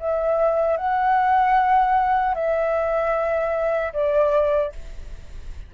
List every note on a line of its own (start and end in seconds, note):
0.00 0.78 E5
0.78 2.35 F#5
2.35 3.93 E5
3.94 4.73 D5